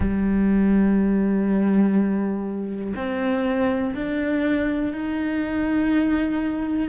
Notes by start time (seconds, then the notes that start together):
0.00 G3
2.96 C4
3.94 D4
4.93 D#4